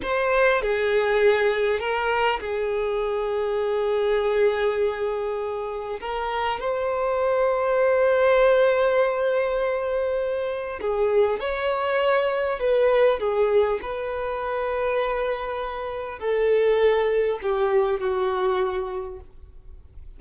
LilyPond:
\new Staff \with { instrumentName = "violin" } { \time 4/4 \tempo 4 = 100 c''4 gis'2 ais'4 | gis'1~ | gis'2 ais'4 c''4~ | c''1~ |
c''2 gis'4 cis''4~ | cis''4 b'4 gis'4 b'4~ | b'2. a'4~ | a'4 g'4 fis'2 | }